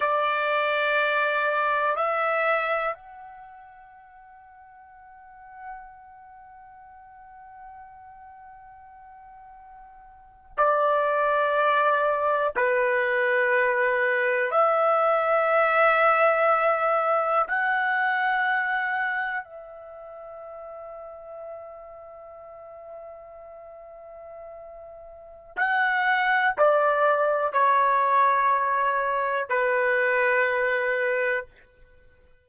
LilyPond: \new Staff \with { instrumentName = "trumpet" } { \time 4/4 \tempo 4 = 61 d''2 e''4 fis''4~ | fis''1~ | fis''2~ fis''8. d''4~ d''16~ | d''8. b'2 e''4~ e''16~ |
e''4.~ e''16 fis''2 e''16~ | e''1~ | e''2 fis''4 d''4 | cis''2 b'2 | }